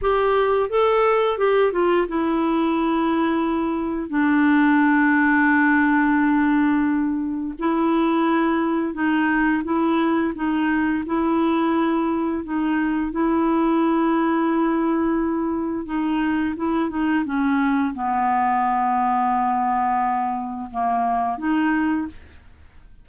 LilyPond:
\new Staff \with { instrumentName = "clarinet" } { \time 4/4 \tempo 4 = 87 g'4 a'4 g'8 f'8 e'4~ | e'2 d'2~ | d'2. e'4~ | e'4 dis'4 e'4 dis'4 |
e'2 dis'4 e'4~ | e'2. dis'4 | e'8 dis'8 cis'4 b2~ | b2 ais4 dis'4 | }